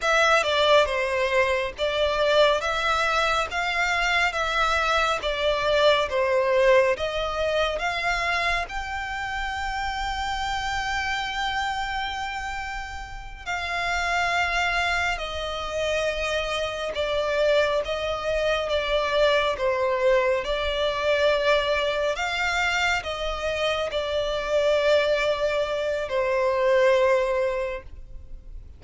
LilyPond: \new Staff \with { instrumentName = "violin" } { \time 4/4 \tempo 4 = 69 e''8 d''8 c''4 d''4 e''4 | f''4 e''4 d''4 c''4 | dis''4 f''4 g''2~ | g''2.~ g''8 f''8~ |
f''4. dis''2 d''8~ | d''8 dis''4 d''4 c''4 d''8~ | d''4. f''4 dis''4 d''8~ | d''2 c''2 | }